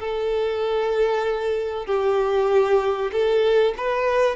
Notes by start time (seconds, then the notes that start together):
0.00 A4
1.86 G4
3.12 A4
3.78 B4